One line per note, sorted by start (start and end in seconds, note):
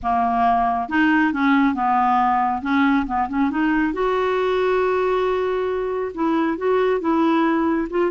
0.02 0.89 A#3
0.89 1.32 D#4
1.32 1.74 C#4
1.74 2.62 B3
2.62 3.06 C#4
3.06 3.28 B3
3.28 3.50 C#4
3.50 3.93 D#4
3.93 6.12 F#4
6.14 6.57 E4
6.57 7.00 F#4
7.00 7.88 E4
7.90 8.11 F4